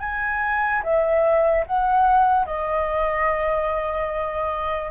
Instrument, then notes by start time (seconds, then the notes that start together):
flute
0.00 G#5
0.83 E5
1.67 F#5
2.46 D#5